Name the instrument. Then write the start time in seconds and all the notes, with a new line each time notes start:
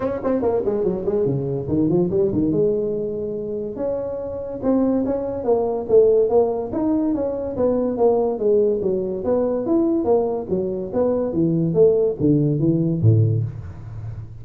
tuba
0.00 C#4
0.24 C4
0.41 A#3
0.65 G#3
0.84 F#3
1.05 G#3
1.25 C#3
1.68 D#3
1.88 F3
2.10 G3
2.32 D#3
2.51 G#3
3.76 C#4
4.62 C4
5.05 C#4
5.44 A#3
5.88 A3
6.29 A#3
6.72 D#4
7.14 C#4
7.56 B3
7.97 A#3
8.38 G#3
8.82 F#3
9.24 B3
9.66 E4
10.04 A#3
10.49 F#3
10.93 B3
11.32 E3
11.73 A3
12.20 D3
12.59 E3
13.01 A2